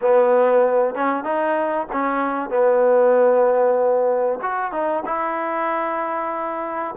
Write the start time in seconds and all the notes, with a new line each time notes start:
0.01 B3
0.94 C#4
1.23 D#4
1.92 C#4
2.50 B3
4.42 F#4
4.72 D#4
5.05 E4